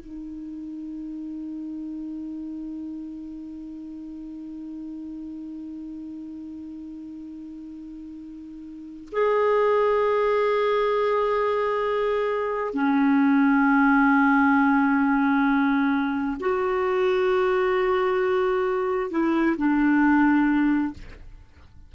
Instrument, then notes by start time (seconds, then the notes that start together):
clarinet
0.00 D#4
9.12 G#4
12.74 C#4
16.40 F#4
19.10 E4
19.57 D4